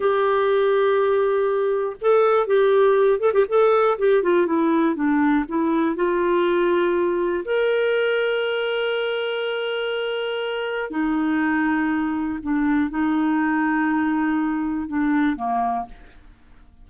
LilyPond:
\new Staff \with { instrumentName = "clarinet" } { \time 4/4 \tempo 4 = 121 g'1 | a'4 g'4. a'16 g'16 a'4 | g'8 f'8 e'4 d'4 e'4 | f'2. ais'4~ |
ais'1~ | ais'2 dis'2~ | dis'4 d'4 dis'2~ | dis'2 d'4 ais4 | }